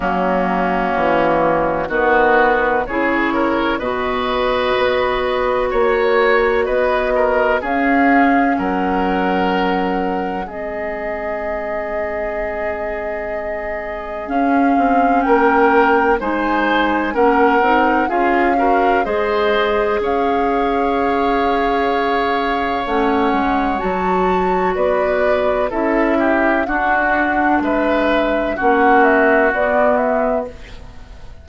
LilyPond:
<<
  \new Staff \with { instrumentName = "flute" } { \time 4/4 \tempo 4 = 63 fis'2 b'4 cis''4 | dis''2 cis''4 dis''4 | f''4 fis''2 dis''4~ | dis''2. f''4 |
g''4 gis''4 fis''4 f''4 | dis''4 f''2. | fis''4 a''4 d''4 e''4 | fis''4 e''4 fis''8 e''8 d''8 e''8 | }
  \new Staff \with { instrumentName = "oboe" } { \time 4/4 cis'2 fis'4 gis'8 ais'8 | b'2 cis''4 b'8 ais'8 | gis'4 ais'2 gis'4~ | gis'1 |
ais'4 c''4 ais'4 gis'8 ais'8 | c''4 cis''2.~ | cis''2 b'4 a'8 g'8 | fis'4 b'4 fis'2 | }
  \new Staff \with { instrumentName = "clarinet" } { \time 4/4 ais2 b4 e'4 | fis'1 | cis'2. c'4~ | c'2. cis'4~ |
cis'4 dis'4 cis'8 dis'8 f'8 fis'8 | gis'1 | cis'4 fis'2 e'4 | d'2 cis'4 b4 | }
  \new Staff \with { instrumentName = "bassoon" } { \time 4/4 fis4 e4 dis4 cis4 | b,4 b4 ais4 b4 | cis'4 fis2 gis4~ | gis2. cis'8 c'8 |
ais4 gis4 ais8 c'8 cis'4 | gis4 cis'2. | a8 gis8 fis4 b4 cis'4 | d'4 gis4 ais4 b4 | }
>>